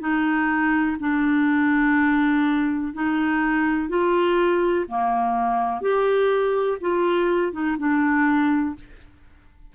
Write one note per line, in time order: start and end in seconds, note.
0.00 0.97 D#4
0.99 2.93 D4
2.94 3.89 D#4
3.89 4.86 F4
4.88 5.81 A#3
5.81 6.78 G4
6.80 7.52 F4
7.52 7.76 D#4
7.79 8.75 D4